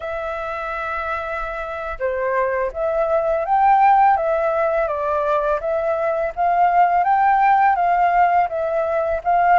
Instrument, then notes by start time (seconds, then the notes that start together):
flute
0.00 E5
1.99 C5
2.72 E5
3.45 G5
4.16 E5
4.87 D5
5.60 E5
6.35 F5
7.04 G5
7.75 F5
8.48 E5
9.23 F5